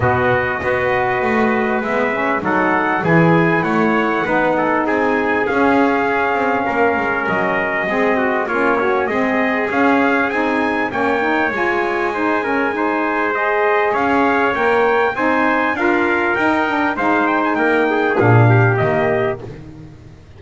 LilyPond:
<<
  \new Staff \with { instrumentName = "trumpet" } { \time 4/4 \tempo 4 = 99 dis''2. e''4 | fis''4 gis''4 fis''2 | gis''4 f''2. | dis''2 cis''4 dis''4 |
f''4 gis''4 g''4 gis''4~ | gis''2 dis''4 f''4 | g''4 gis''4 f''4 g''4 | f''8 g''16 gis''16 g''4 f''4 dis''4 | }
  \new Staff \with { instrumentName = "trumpet" } { \time 4/4 fis'4 b'2. | a'4 gis'4 cis''4 b'8 a'8 | gis'2. ais'4~ | ais'4 gis'8 fis'8 f'8 cis'8 gis'4~ |
gis'2 cis''2 | c''8 ais'8 c''2 cis''4~ | cis''4 c''4 ais'2 | c''4 ais'8 gis'4 g'4. | }
  \new Staff \with { instrumentName = "saxophone" } { \time 4/4 b4 fis'2 b8 cis'8 | dis'4 e'2 dis'4~ | dis'4 cis'2.~ | cis'4 c'4 cis'8 fis'8 c'4 |
cis'4 dis'4 cis'8 dis'8 f'4 | dis'8 cis'8 dis'4 gis'2 | ais'4 dis'4 f'4 dis'8 d'8 | dis'2 d'4 ais4 | }
  \new Staff \with { instrumentName = "double bass" } { \time 4/4 b,4 b4 a4 gis4 | fis4 e4 a4 b4 | c'4 cis'4. c'8 ais8 gis8 | fis4 gis4 ais4 gis4 |
cis'4 c'4 ais4 gis4~ | gis2. cis'4 | ais4 c'4 d'4 dis'4 | gis4 ais4 ais,4 dis4 | }
>>